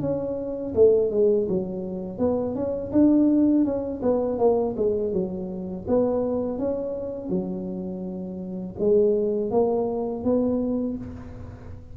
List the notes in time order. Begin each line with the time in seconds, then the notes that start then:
0.00 C#4
0.75 A3
1.11 G#3
1.48 F#3
2.19 B3
2.55 C#4
2.92 D4
3.65 C#4
4.02 B3
4.39 A#3
4.77 G#3
5.13 F#3
5.88 B3
6.58 C#4
7.29 F#3
8.79 G#3
9.51 A#3
10.24 B3